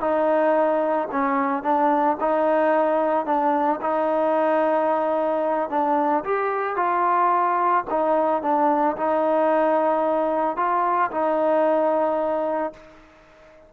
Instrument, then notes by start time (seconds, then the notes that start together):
trombone
0.00 D#4
1.11 C#4
1.63 D4
2.20 D#4
3.26 D4
3.81 D#4
5.70 D4
6.24 G4
6.76 F4
7.90 D#4
8.42 D4
8.97 D#4
10.57 F4
11.11 D#4